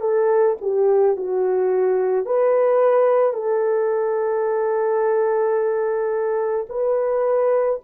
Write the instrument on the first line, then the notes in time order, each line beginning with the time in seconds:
horn
0.00 A4
0.61 G4
1.16 F#4
2.25 B4
3.33 A4
6.69 B4